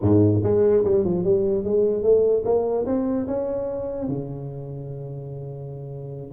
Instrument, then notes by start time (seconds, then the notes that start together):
tuba
0.01 G#2
0.43 G#3
0.84 G3
1.04 F3
1.24 G3
1.64 G#3
2.02 A3
2.45 A#3
2.86 C4
3.27 C#4
4.07 C#3